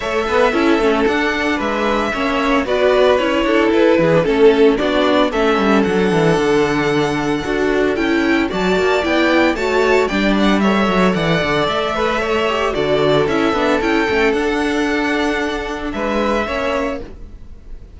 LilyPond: <<
  \new Staff \with { instrumentName = "violin" } { \time 4/4 \tempo 4 = 113 e''2 fis''4 e''4~ | e''4 d''4 cis''4 b'4 | a'4 d''4 e''4 fis''4~ | fis''2. g''4 |
a''4 g''4 a''4 g''8 fis''8 | e''4 fis''4 e''2 | d''4 e''4 g''4 fis''4~ | fis''2 e''2 | }
  \new Staff \with { instrumentName = "violin" } { \time 4/4 cis''8 b'8 a'2 b'4 | cis''4 b'4. a'4 gis'8 | a'4 fis'4 a'2~ | a'1 |
d''2 cis''4 d''4 | cis''4 d''4. b'8 cis''4 | a'1~ | a'2 b'4 cis''4 | }
  \new Staff \with { instrumentName = "viola" } { \time 4/4 a'4 e'8 cis'8 d'2 | cis'4 fis'4 e'4.~ e'16 d'16 | cis'4 d'4 cis'4 d'4~ | d'2 fis'4 e'4 |
fis'4 e'4 fis'4 d'4 | a'2.~ a'8 g'8 | fis'4 e'8 d'8 e'8 cis'8 d'4~ | d'2. cis'4 | }
  \new Staff \with { instrumentName = "cello" } { \time 4/4 a8 b8 cis'8 a8 d'4 gis4 | ais4 b4 cis'8 d'8 e'8 e8 | a4 b4 a8 g8 fis8 e8 | d2 d'4 cis'4 |
fis8 ais8 b4 a4 g4~ | g8 fis8 e8 d8 a2 | d4 cis'8 b8 cis'8 a8 d'4~ | d'2 gis4 ais4 | }
>>